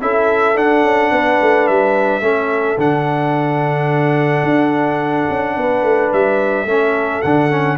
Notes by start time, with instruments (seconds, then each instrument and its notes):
0.00 tuba C#4, trombone E4, horn A4, trumpet E5
0.55 trombone D4, tuba D4, trumpet F#5
0.82 tuba C#4
1.11 tuba B3, horn B4
1.41 tuba A3
1.67 tuba G3, trumpet E5
2.20 tuba A3, trombone C#4, horn A4
2.77 tuba D3, trombone D4, trumpet F#5
4.42 tuba D4
5.29 tuba C#4
5.56 tuba B3, horn B4
5.83 tuba A3
6.12 tuba G3, trumpet E5
6.64 tuba A3, trombone C#4, horn A4
7.21 tuba D3, trombone D4, trumpet F#5
7.50 trombone C#4